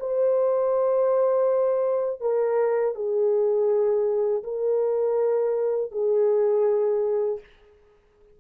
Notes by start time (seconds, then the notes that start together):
0.00 C5
2.21 A#4
2.95 G#4
4.44 A#4
5.92 G#4